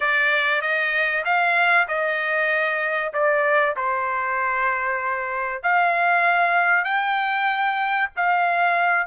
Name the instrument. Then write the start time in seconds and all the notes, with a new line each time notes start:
trumpet
0.00 D5
0.61 D#5
1.24 F5
1.88 D#5
3.13 D5
3.76 C5
5.62 F5
6.84 G5
8.16 F5